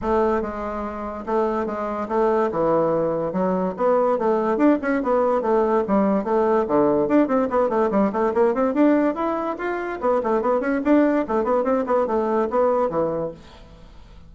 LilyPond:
\new Staff \with { instrumentName = "bassoon" } { \time 4/4 \tempo 4 = 144 a4 gis2 a4 | gis4 a4 e2 | fis4 b4 a4 d'8 cis'8 | b4 a4 g4 a4 |
d4 d'8 c'8 b8 a8 g8 a8 | ais8 c'8 d'4 e'4 f'4 | b8 a8 b8 cis'8 d'4 a8 b8 | c'8 b8 a4 b4 e4 | }